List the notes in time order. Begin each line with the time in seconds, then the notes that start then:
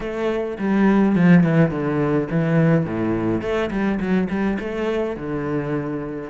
0.00 A3
0.58 G3
1.15 F3
1.43 E3
1.70 D3
2.30 E3
2.85 A2
3.41 A3
3.70 G3
3.99 F#3
4.29 G3
4.59 A3
5.16 D3